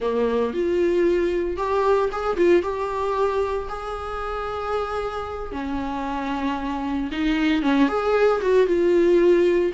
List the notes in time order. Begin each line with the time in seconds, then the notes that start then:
0.00 A#3
0.53 F4
1.56 G4
2.12 G#4
2.36 F4
2.62 G4
3.68 G#4
5.52 C#4
7.11 D#4
7.62 C#4
7.88 G#4
8.41 F#4
8.66 F4